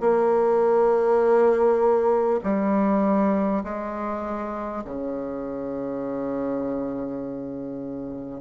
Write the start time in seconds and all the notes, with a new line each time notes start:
0.00 A#3
2.43 G3
3.64 G#3
4.84 C#3